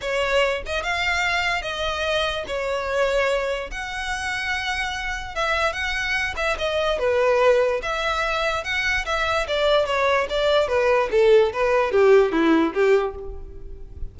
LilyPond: \new Staff \with { instrumentName = "violin" } { \time 4/4 \tempo 4 = 146 cis''4. dis''8 f''2 | dis''2 cis''2~ | cis''4 fis''2.~ | fis''4 e''4 fis''4. e''8 |
dis''4 b'2 e''4~ | e''4 fis''4 e''4 d''4 | cis''4 d''4 b'4 a'4 | b'4 g'4 e'4 g'4 | }